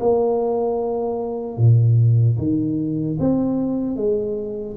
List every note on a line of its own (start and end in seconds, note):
0.00 1.57 A#3
1.57 2.37 A#2
2.38 3.18 D#3
3.19 3.96 C4
3.96 4.76 G#3